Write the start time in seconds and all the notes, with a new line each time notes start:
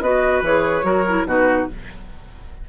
0.00 B3 F#4 B4 D#5
0.42 E3 G#4 C#5
0.83 F#3 F#4 A#4
1.08 E4
1.25 B2 D#4 F#4 B4